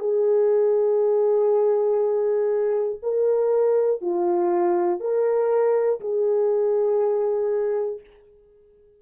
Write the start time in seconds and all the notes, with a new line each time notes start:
0.00 G#4
3.03 A#4
4.02 F4
5.00 A#4
6.01 G#4